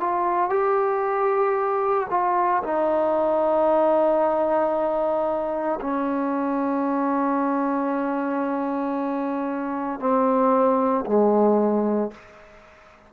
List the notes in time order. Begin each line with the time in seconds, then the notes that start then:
0.00 F4
0.49 G4
2.10 F4
2.63 D#4
5.81 C#4
10.00 C4
11.05 G#3